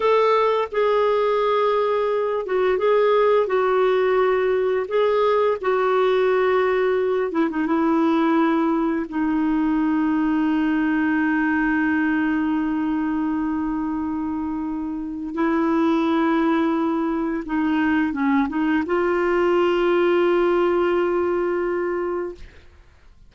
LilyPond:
\new Staff \with { instrumentName = "clarinet" } { \time 4/4 \tempo 4 = 86 a'4 gis'2~ gis'8 fis'8 | gis'4 fis'2 gis'4 | fis'2~ fis'8 e'16 dis'16 e'4~ | e'4 dis'2.~ |
dis'1~ | dis'2 e'2~ | e'4 dis'4 cis'8 dis'8 f'4~ | f'1 | }